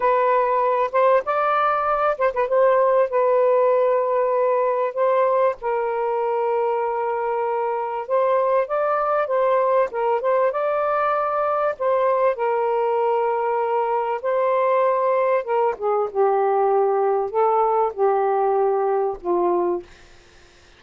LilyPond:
\new Staff \with { instrumentName = "saxophone" } { \time 4/4 \tempo 4 = 97 b'4. c''8 d''4. c''16 b'16 | c''4 b'2. | c''4 ais'2.~ | ais'4 c''4 d''4 c''4 |
ais'8 c''8 d''2 c''4 | ais'2. c''4~ | c''4 ais'8 gis'8 g'2 | a'4 g'2 f'4 | }